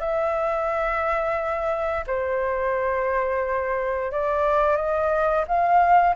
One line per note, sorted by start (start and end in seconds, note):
0.00 2.05 E5
2.07 4.12 C5
4.12 4.77 D5
4.77 5.45 D#5
5.48 6.16 F5